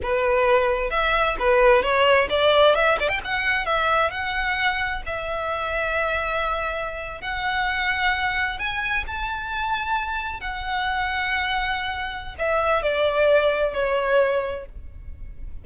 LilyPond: \new Staff \with { instrumentName = "violin" } { \time 4/4 \tempo 4 = 131 b'2 e''4 b'4 | cis''4 d''4 e''8 d''16 g''16 fis''4 | e''4 fis''2 e''4~ | e''2.~ e''8. fis''16~ |
fis''2~ fis''8. gis''4 a''16~ | a''2~ a''8. fis''4~ fis''16~ | fis''2. e''4 | d''2 cis''2 | }